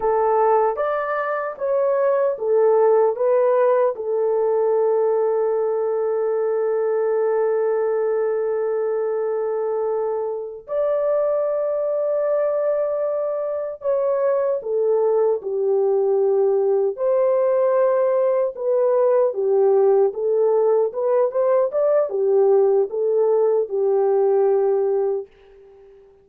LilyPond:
\new Staff \with { instrumentName = "horn" } { \time 4/4 \tempo 4 = 76 a'4 d''4 cis''4 a'4 | b'4 a'2.~ | a'1~ | a'4. d''2~ d''8~ |
d''4. cis''4 a'4 g'8~ | g'4. c''2 b'8~ | b'8 g'4 a'4 b'8 c''8 d''8 | g'4 a'4 g'2 | }